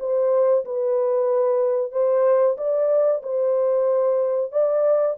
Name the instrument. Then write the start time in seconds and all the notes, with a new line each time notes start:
horn
0.00 C5
0.65 B4
1.92 C5
2.57 D5
3.23 C5
4.52 D5